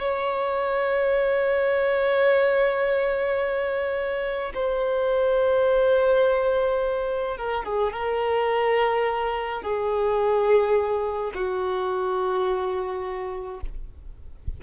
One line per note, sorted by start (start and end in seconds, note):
0.00 4.53 C#5
4.54 7.37 C5
7.37 7.64 A#4
7.64 7.92 G#4
7.92 9.62 A#4
9.62 11.32 G#4
11.35 13.61 F#4